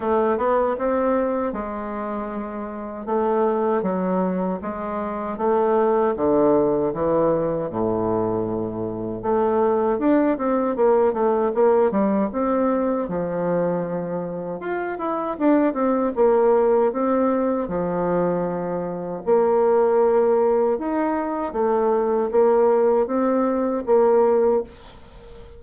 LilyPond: \new Staff \with { instrumentName = "bassoon" } { \time 4/4 \tempo 4 = 78 a8 b8 c'4 gis2 | a4 fis4 gis4 a4 | d4 e4 a,2 | a4 d'8 c'8 ais8 a8 ais8 g8 |
c'4 f2 f'8 e'8 | d'8 c'8 ais4 c'4 f4~ | f4 ais2 dis'4 | a4 ais4 c'4 ais4 | }